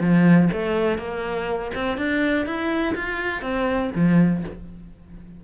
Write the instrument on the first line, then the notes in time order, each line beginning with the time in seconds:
cello
0.00 F3
0.53 A3
0.98 A#3
1.75 C4
1.98 D4
2.46 E4
2.95 F4
3.42 C4
3.95 F3